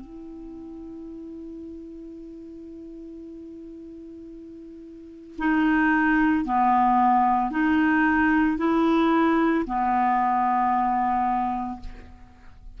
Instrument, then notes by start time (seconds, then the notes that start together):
clarinet
0.00 E4
5.38 D#4
6.44 B3
7.50 D#4
8.57 E4
9.65 B3